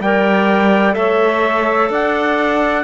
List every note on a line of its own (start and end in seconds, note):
0.00 0.95 G3
0.00 0.92 A#4
0.00 0.96 D5
0.00 0.94 G5
0.92 1.89 A3
0.92 2.83 A4
0.92 1.90 C#5
0.92 1.90 E5
1.89 2.84 D4
1.89 2.84 D5
1.89 2.84 F#5